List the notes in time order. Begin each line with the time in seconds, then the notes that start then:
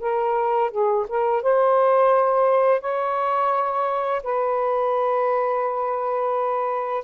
0.00 A#4
0.71 G#4
1.08 A#4
1.42 C5
2.80 C#5
4.23 B4